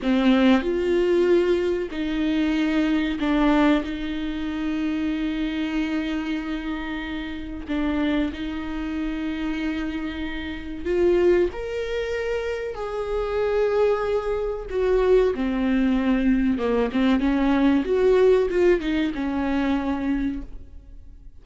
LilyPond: \new Staff \with { instrumentName = "viola" } { \time 4/4 \tempo 4 = 94 c'4 f'2 dis'4~ | dis'4 d'4 dis'2~ | dis'1 | d'4 dis'2.~ |
dis'4 f'4 ais'2 | gis'2. fis'4 | c'2 ais8 c'8 cis'4 | fis'4 f'8 dis'8 cis'2 | }